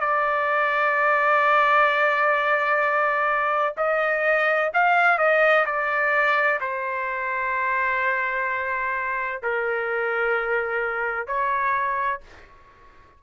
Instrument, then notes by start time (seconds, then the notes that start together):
trumpet
0.00 D5
3.77 D#5
4.74 F5
5.18 D#5
5.65 D5
6.61 C5
9.43 A#4
11.27 C#5